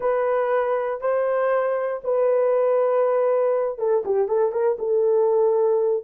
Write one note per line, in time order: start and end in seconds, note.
0.00 1.00 B4
1.00 2.01 C5
2.04 3.78 B4
3.78 4.03 A4
4.05 4.27 G4
4.27 4.51 A4
4.51 4.77 A#4
4.78 6.04 A4